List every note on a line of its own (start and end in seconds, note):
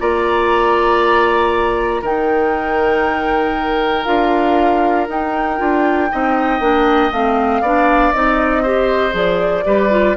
0.00 2.02 A#3
0.00 2.03 F4
0.00 2.02 D5
0.00 2.04 A#5
2.02 4.05 D#3
2.02 4.05 D#4
2.02 6.08 A#4
2.02 4.05 G5
4.05 5.09 D4
4.05 5.07 F4
4.05 5.07 F5
5.09 5.60 D#4
5.09 5.58 D#4
5.09 7.13 G5
5.58 6.11 D4
5.58 6.09 F4
6.11 6.60 C4
6.11 6.61 D#4
6.11 7.62 D#5
6.60 7.11 A#3
6.60 7.11 D4
7.12 7.62 A3
7.12 7.64 C4
7.12 8.12 F5
7.62 8.12 B3
7.62 8.14 D4
7.62 8.63 D5
8.12 9.14 C4
8.12 8.65 D#4
8.12 9.14 D#5
8.63 9.11 G4
8.63 9.64 C5
9.11 9.64 F3
9.11 9.62 G#4
9.11 10.17 D5
9.65 10.17 G3
9.65 9.90 G4
9.65 10.17 B4
9.91 10.16 F4